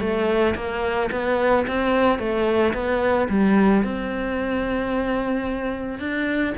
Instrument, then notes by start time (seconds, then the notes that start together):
cello
0.00 A3
0.56 A#3
1.12 B3
1.67 C4
2.19 A3
2.74 B3
3.29 G3
3.84 C4
5.99 D4